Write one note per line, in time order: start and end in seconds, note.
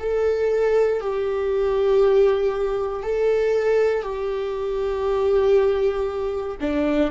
0.00 1.01 A4
1.01 3.03 G4
3.03 4.03 A4
4.03 6.57 G4
6.61 7.11 D4